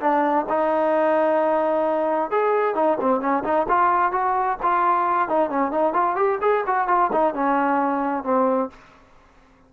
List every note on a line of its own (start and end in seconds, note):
0.00 0.46 D4
0.49 2.30 D#4
2.30 2.75 G#4
2.75 2.98 D#4
3.00 3.21 C4
3.21 3.44 C#4
3.44 3.67 D#4
3.69 4.12 F4
4.12 4.58 F#4
4.62 5.29 F4
5.29 5.50 D#4
5.50 5.71 C#4
5.71 5.93 D#4
5.93 6.16 F4
6.16 6.39 G4
6.41 6.64 G#4
6.67 6.88 F#4
6.88 7.11 F4
7.12 7.34 D#4
7.34 8.24 C#4
8.24 8.70 C4